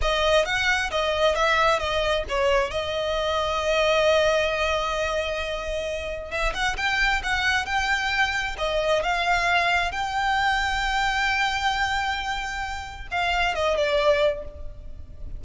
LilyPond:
\new Staff \with { instrumentName = "violin" } { \time 4/4 \tempo 4 = 133 dis''4 fis''4 dis''4 e''4 | dis''4 cis''4 dis''2~ | dis''1~ | dis''2 e''8 fis''8 g''4 |
fis''4 g''2 dis''4 | f''2 g''2~ | g''1~ | g''4 f''4 dis''8 d''4. | }